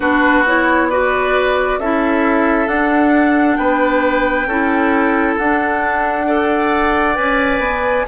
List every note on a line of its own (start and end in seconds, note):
0.00 1.78 B3
0.00 0.44 D4
0.00 0.88 F#4
0.00 0.44 B4
0.46 0.91 E4
0.46 0.89 C#5
0.89 1.80 F#4
0.89 1.79 B4
0.89 1.79 D5
1.78 2.67 C#4
1.78 2.67 E4
1.78 3.58 A4
1.78 2.68 E5
2.67 3.57 D4
2.67 4.46 D4
2.67 3.55 F#5
3.55 4.46 B3
3.55 4.47 B4
3.55 5.34 G5
4.46 5.35 C#4
4.46 5.39 E4
4.46 6.26 A4
5.37 7.18 D4
5.37 6.26 D4
5.37 7.16 F#5
6.26 7.15 A4
6.26 8.05 D5
7.15 7.59 C#4
7.15 8.04 B4
7.15 8.05 G#5
7.59 8.04 B3